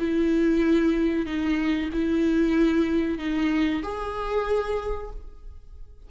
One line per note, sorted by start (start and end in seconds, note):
0.00 1.26 E4
1.26 1.90 D#4
1.93 3.19 E4
3.19 3.83 D#4
3.84 5.11 G#4